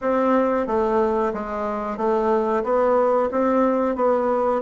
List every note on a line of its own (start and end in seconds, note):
0.01 0.67 C4
0.67 1.32 A3
1.33 1.97 G#3
1.97 2.63 A3
2.63 3.29 B3
3.31 3.95 C4
3.95 4.61 B3